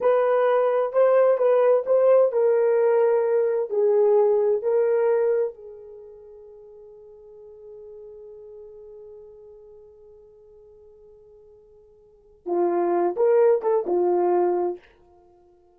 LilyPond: \new Staff \with { instrumentName = "horn" } { \time 4/4 \tempo 4 = 130 b'2 c''4 b'4 | c''4 ais'2. | gis'2 ais'2 | gis'1~ |
gis'1~ | gis'1~ | gis'2. f'4~ | f'8 ais'4 a'8 f'2 | }